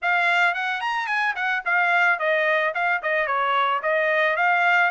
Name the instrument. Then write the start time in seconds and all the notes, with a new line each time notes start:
trumpet
0.01 F5
0.54 F#5
0.81 A#5
1.07 G#5
1.35 F#5
1.65 F5
2.19 D#5
2.74 F5
3.02 D#5
3.26 C#5
3.82 D#5
4.36 F5